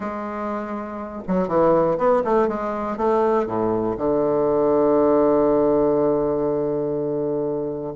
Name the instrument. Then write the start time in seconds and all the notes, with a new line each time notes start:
bassoon
0.00 G#3
1.27 F#3
1.48 E3
1.98 B3
2.24 A3
2.48 G#3
2.97 A3
3.46 A2
3.97 D3